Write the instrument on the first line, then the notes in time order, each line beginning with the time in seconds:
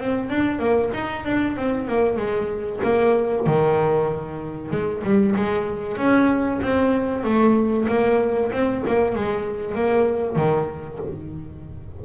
double bass
0.00 C4
0.30 D4
0.59 A#3
0.94 D#4
1.25 D4
1.56 C4
1.88 A#3
2.17 G#3
2.83 A#3
3.47 D#3
4.71 G#3
5.04 G3
5.36 G#3
5.97 C#4
6.62 C4
7.23 A3
7.88 A#3
8.52 C4
8.87 A#3
9.16 G#3
9.75 A#3
10.36 D#3